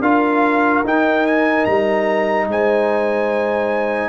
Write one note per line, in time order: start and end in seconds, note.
0.00 0.82 D4
0.00 0.85 F4
0.00 2.47 A#4
0.00 0.84 F5
0.83 1.66 D#4
0.83 4.09 D#4
0.83 1.26 G5
1.26 1.65 G#5
1.65 2.48 G3
1.65 2.47 A#5
2.48 4.09 G#3
2.48 4.09 C5
2.48 4.09 G#5